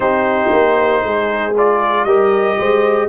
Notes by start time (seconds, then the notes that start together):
0.00 C4 D#4 G4 C5
0.52 A#3
1.03 G#3 G#4
1.57 F4 D5
2.04 G3 G4 A#4 D#5
2.58 G#3 C5